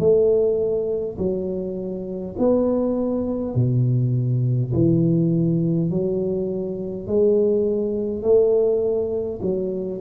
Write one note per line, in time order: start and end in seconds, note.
0.00 1.18 A3
1.18 2.36 F#3
2.39 3.55 B3
3.55 4.73 B2
4.73 5.91 E3
5.91 7.07 F#3
7.07 8.22 G#3
8.22 9.40 A3
9.42 10.01 F#3